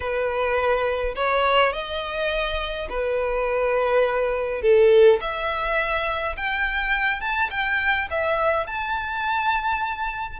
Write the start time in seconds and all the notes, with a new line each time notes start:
0.00 B4
1.15 C#5
1.73 D#5
2.89 B4
4.62 A4
5.20 E5
6.36 G5
7.20 A5
7.50 G5
8.10 E5
8.66 A5